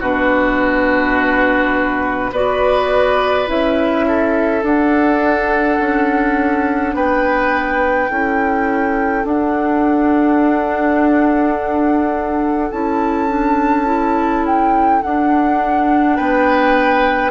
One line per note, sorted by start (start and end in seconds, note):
0.00 2.31 B2
0.00 2.33 D4
0.00 2.31 F#4
0.00 2.33 B4
2.32 3.47 B3
2.32 3.46 F#4
2.32 4.05 B4
2.32 3.49 D5
3.46 4.63 C#4
3.46 4.62 E4
3.46 4.64 E5
4.07 6.95 A4
4.63 5.78 D4
4.63 8.09 D4
4.63 6.95 F#5
5.80 6.94 C#4
6.94 8.09 B3
6.94 8.11 B4
6.94 9.26 G5
8.09 9.24 C#4
8.09 9.24 E4
8.09 16.16 A4
9.24 12.70 D4
9.24 12.71 F#5
12.71 15.02 C#4
12.71 13.28 E4
12.71 14.44 A5
13.28 13.85 D4
13.85 15.01 E4
14.45 15.02 G5
15.02 17.31 D4
15.02 16.19 D4
15.02 16.16 F#5
16.16 17.31 B3
16.16 17.31 B4
16.16 17.31 G5